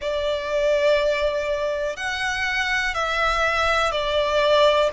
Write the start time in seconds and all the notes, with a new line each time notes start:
0.01 D5
1.96 F#5
2.94 E5
3.91 D5